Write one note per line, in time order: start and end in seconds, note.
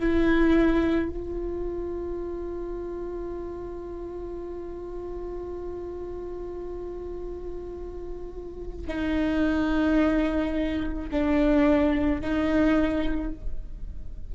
0.00 1.10 E4
1.10 8.87 F4
8.88 11.10 D#4
11.12 12.21 D4
12.21 13.32 D#4